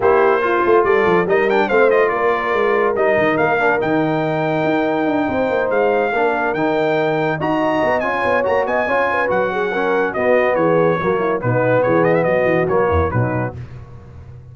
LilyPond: <<
  \new Staff \with { instrumentName = "trumpet" } { \time 4/4 \tempo 4 = 142 c''2 d''4 dis''8 g''8 | f''8 dis''8 d''2 dis''4 | f''4 g''2.~ | g''4. f''2 g''8~ |
g''4. ais''4. gis''4 | ais''8 gis''4. fis''2 | dis''4 cis''2 b'4 | cis''8 dis''16 e''16 dis''4 cis''4 b'4 | }
  \new Staff \with { instrumentName = "horn" } { \time 4/4 g'4 f'4 a'4 ais'4 | c''4 ais'2.~ | ais'1~ | ais'8 c''2 ais'4.~ |
ais'4. dis''4.~ dis''16 cis''8.~ | cis''8 dis''8 cis''8 b'4 gis'8 ais'4 | fis'4 gis'4 fis'8 e'8 dis'4 | gis'4 fis'4. e'8 dis'4 | }
  \new Staff \with { instrumentName = "trombone" } { \time 4/4 e'4 f'2 dis'8 d'8 | c'8 f'2~ f'8 dis'4~ | dis'8 d'8 dis'2.~ | dis'2~ dis'8 d'4 dis'8~ |
dis'4. fis'4. f'4 | fis'4 f'4 fis'4 cis'4 | b2 ais4 b4~ | b2 ais4 fis4 | }
  \new Staff \with { instrumentName = "tuba" } { \time 4/4 ais4. a8 g8 f8 g4 | a4 ais4 gis4 g8 dis8 | ais4 dis2 dis'4 | d'8 c'8 ais8 gis4 ais4 dis8~ |
dis4. dis'4 b8 cis'8 b8 | ais8 b8 cis'4 fis2 | b4 e4 fis4 b,4 | e4 fis8 e8 fis8 e,8 b,4 | }
>>